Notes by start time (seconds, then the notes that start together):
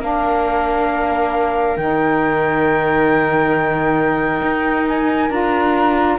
0.00 A#3 D4 A#4 F5
1.77 D#3 D#4 G5
4.42 D#4
4.88 G#5
5.30 D4 F4 A#5